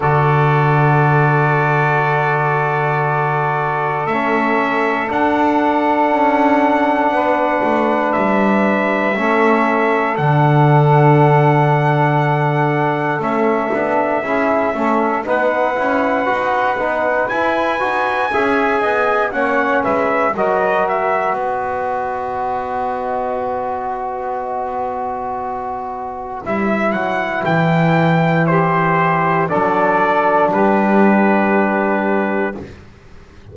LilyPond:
<<
  \new Staff \with { instrumentName = "trumpet" } { \time 4/4 \tempo 4 = 59 d''1 | e''4 fis''2. | e''2 fis''2~ | fis''4 e''2 fis''4~ |
fis''4 gis''2 fis''8 e''8 | dis''8 e''8 dis''2.~ | dis''2 e''8 fis''8 g''4 | c''4 d''4 b'2 | }
  \new Staff \with { instrumentName = "saxophone" } { \time 4/4 a'1~ | a'2. b'4~ | b'4 a'2.~ | a'2 gis'8 a'8 b'4~ |
b'2 e''8 dis''8 cis''8 b'8 | ais'4 b'2.~ | b'1 | g'4 a'4 g'2 | }
  \new Staff \with { instrumentName = "trombone" } { \time 4/4 fis'1 | cis'4 d'2.~ | d'4 cis'4 d'2~ | d'4 cis'8 d'8 e'8 cis'8 dis'8 e'8 |
fis'8 dis'8 e'8 fis'8 gis'4 cis'4 | fis'1~ | fis'2 e'2~ | e'4 d'2. | }
  \new Staff \with { instrumentName = "double bass" } { \time 4/4 d1 | a4 d'4 cis'4 b8 a8 | g4 a4 d2~ | d4 a8 b8 cis'8 a8 b8 cis'8 |
dis'8 b8 e'8 dis'8 cis'8 b8 ais8 gis8 | fis4 b2.~ | b2 g8 fis8 e4~ | e4 fis4 g2 | }
>>